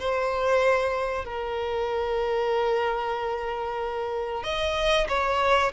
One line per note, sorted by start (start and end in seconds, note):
0.00 1.25 C5
1.25 4.44 A#4
4.44 5.08 D#5
5.09 5.73 C#5